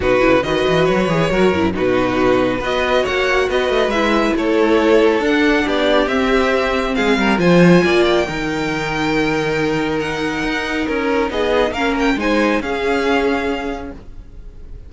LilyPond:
<<
  \new Staff \with { instrumentName = "violin" } { \time 4/4 \tempo 4 = 138 b'4 dis''4 cis''2 | b'2 dis''4 fis''4 | dis''4 e''4 cis''2 | fis''4 d''4 e''2 |
f''4 gis''4. g''4.~ | g''2. fis''4~ | fis''4 ais'4 dis''4 f''8 g''8 | gis''4 f''2. | }
  \new Staff \with { instrumentName = "violin" } { \time 4/4 fis'4 b'2 ais'4 | fis'2 b'4 cis''4 | b'2 a'2~ | a'4 g'2. |
gis'8 ais'8 c''4 d''4 ais'4~ | ais'1~ | ais'2 gis'4 ais'4 | c''4 gis'2. | }
  \new Staff \with { instrumentName = "viola" } { \time 4/4 dis'8 e'8 fis'4. gis'8 fis'8 e'8 | dis'2 fis'2~ | fis'4 e'2. | d'2 c'2~ |
c'4 f'2 dis'4~ | dis'1~ | dis'2. cis'4 | dis'4 cis'2. | }
  \new Staff \with { instrumentName = "cello" } { \time 4/4 b,8 cis8 dis8 e8 fis8 e8 fis8 fis,8 | b,2 b4 ais4 | b8 a8 gis4 a2 | d'4 b4 c'2 |
gis8 g8 f4 ais4 dis4~ | dis1 | dis'4 cis'4 b4 ais4 | gis4 cis'2. | }
>>